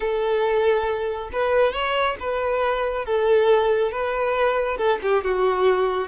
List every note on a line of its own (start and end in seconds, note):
0.00 1.30 A4
1.32 1.73 B4
1.73 2.16 C#5
2.19 3.05 B4
3.05 3.91 A4
3.91 4.77 B4
4.77 4.99 A4
5.02 5.24 G4
5.24 6.08 F#4